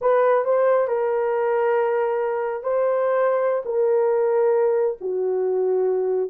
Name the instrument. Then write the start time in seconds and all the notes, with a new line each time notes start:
horn
0.01 B4
0.45 C5
0.87 A#4
2.63 C5
3.65 A#4
5.00 F#4